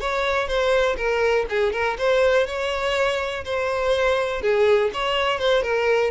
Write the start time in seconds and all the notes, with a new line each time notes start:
0.00 C#5
0.47 C5
0.96 A#4
1.49 G#4
1.72 A#4
1.98 C5
2.46 C#5
3.44 C5
4.41 G#4
4.93 C#5
5.38 C5
5.62 A#4